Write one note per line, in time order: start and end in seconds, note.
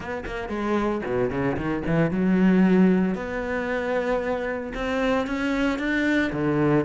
0.00 0.23 B3
0.26 0.49 A#3
0.49 1.01 G#3
1.05 1.30 B2
1.30 1.56 C#3
1.56 1.83 D#3
1.86 2.11 E3
2.11 3.14 F#3
3.14 4.72 B3
4.74 5.26 C4
5.26 5.78 C#4
5.78 6.31 D4
6.32 6.85 D3